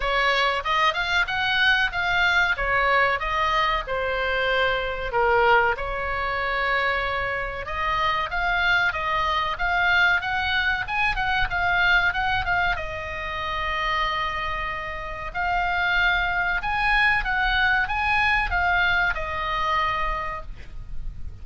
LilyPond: \new Staff \with { instrumentName = "oboe" } { \time 4/4 \tempo 4 = 94 cis''4 dis''8 f''8 fis''4 f''4 | cis''4 dis''4 c''2 | ais'4 cis''2. | dis''4 f''4 dis''4 f''4 |
fis''4 gis''8 fis''8 f''4 fis''8 f''8 | dis''1 | f''2 gis''4 fis''4 | gis''4 f''4 dis''2 | }